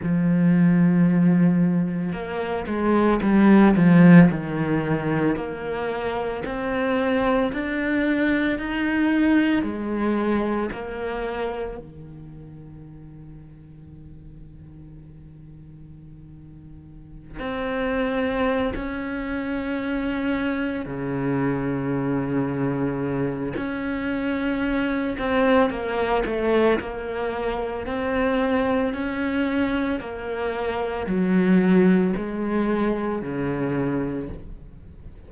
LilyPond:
\new Staff \with { instrumentName = "cello" } { \time 4/4 \tempo 4 = 56 f2 ais8 gis8 g8 f8 | dis4 ais4 c'4 d'4 | dis'4 gis4 ais4 dis4~ | dis1~ |
dis16 c'4~ c'16 cis'2 cis8~ | cis2 cis'4. c'8 | ais8 a8 ais4 c'4 cis'4 | ais4 fis4 gis4 cis4 | }